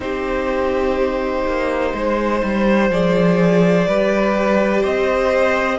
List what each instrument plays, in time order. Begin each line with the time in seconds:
0.00 cello C4, viola D#4, violin G4 C5
1.46 cello A#3
1.93 cello G#3, violin C5
2.43 cello G3
2.90 cello F3, viola G#4, violin D5
3.86 cello G3, viola G4, violin B4
4.80 cello C4, violin C5 D#5